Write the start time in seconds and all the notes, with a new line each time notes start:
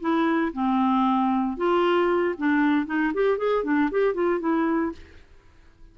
0.00 E4
0.53 C4
1.57 F4
2.38 D4
2.86 D#4
3.14 G4
3.38 G#4
3.64 D4
3.91 G4
4.14 F4
4.40 E4